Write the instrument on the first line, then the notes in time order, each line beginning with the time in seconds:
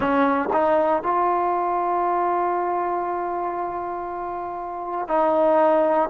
trombone
0.00 C#4
0.52 D#4
1.02 F4
5.08 D#4